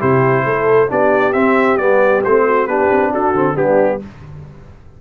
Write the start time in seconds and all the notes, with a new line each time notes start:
0.00 C3 E4 G4 C5
0.45 A3 A4
0.89 B3 D4 G4 D5
1.33 C4 E5
1.77 G3 B3 D5
2.24 A3 C4 C5
2.46 F#4
2.67 B3 D4 G4 B4
2.91 C4
3.10 D4 F#4 A4
3.34 D3 C4
3.55 G3 B3 D4 G4